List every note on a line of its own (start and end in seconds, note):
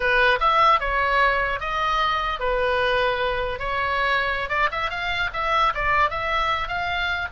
0.00 0.39 B4
0.40 0.80 E5
0.80 1.59 C#5
1.59 2.39 D#5
2.39 3.59 B4
3.59 4.49 C#5
4.49 4.69 D5
4.71 4.89 E5
4.89 5.29 F5
5.33 5.73 E5
5.74 6.10 D5
6.10 6.68 E5
6.68 7.28 F5